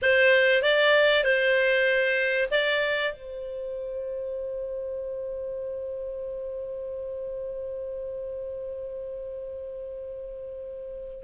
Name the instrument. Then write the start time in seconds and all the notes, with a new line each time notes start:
clarinet
0.02 C5
0.62 D5
1.24 C5
2.50 D5
3.13 C5